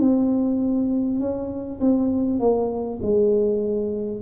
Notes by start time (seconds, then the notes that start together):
0.00 C4
1.20 C#4
1.81 C4
2.39 A#3
3.02 G#3